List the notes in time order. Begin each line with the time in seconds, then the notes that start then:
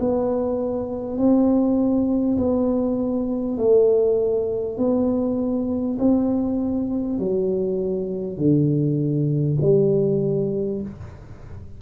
0.00 B3
1.18 C4
2.38 B3
3.58 A3
4.78 B3
5.98 C4
7.18 F#3
8.38 D3
9.62 G3